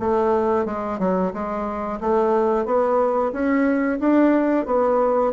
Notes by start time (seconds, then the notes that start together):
0.00 A3
0.66 G#3
0.99 F#3
1.34 G#3
2.01 A3
2.65 B3
3.33 C#4
4.00 D4
4.66 B3